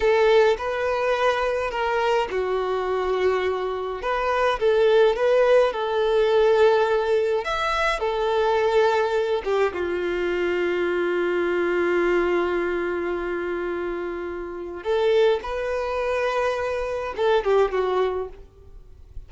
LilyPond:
\new Staff \with { instrumentName = "violin" } { \time 4/4 \tempo 4 = 105 a'4 b'2 ais'4 | fis'2. b'4 | a'4 b'4 a'2~ | a'4 e''4 a'2~ |
a'8 g'8 f'2.~ | f'1~ | f'2 a'4 b'4~ | b'2 a'8 g'8 fis'4 | }